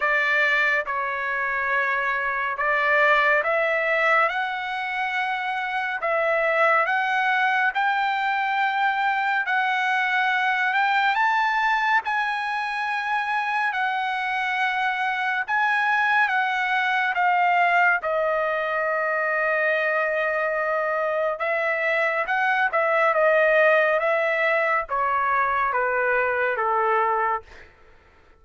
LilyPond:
\new Staff \with { instrumentName = "trumpet" } { \time 4/4 \tempo 4 = 70 d''4 cis''2 d''4 | e''4 fis''2 e''4 | fis''4 g''2 fis''4~ | fis''8 g''8 a''4 gis''2 |
fis''2 gis''4 fis''4 | f''4 dis''2.~ | dis''4 e''4 fis''8 e''8 dis''4 | e''4 cis''4 b'4 a'4 | }